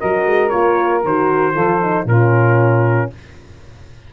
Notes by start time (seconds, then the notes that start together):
0.00 F#3 F#4 A#4 D#5
0.26 G#3
0.50 A#3 F4 C#5
1.05 D#3 F#4 C5
1.54 F3 F4 A4
1.82 D#4
2.05 A#2 C#4 F4 A#4